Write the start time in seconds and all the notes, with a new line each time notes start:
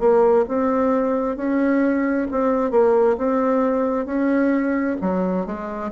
0.00 A#3
0.48 C4
1.37 C#4
2.32 C4
2.71 A#3
3.18 C4
4.06 C#4
5.02 F#3
5.46 G#3